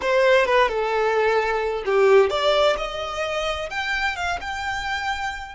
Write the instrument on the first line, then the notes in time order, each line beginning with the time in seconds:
violin
0.01 C5
0.45 B4
0.68 A4
1.85 G4
2.30 D5
2.77 D#5
3.70 G5
4.16 F5
4.41 G5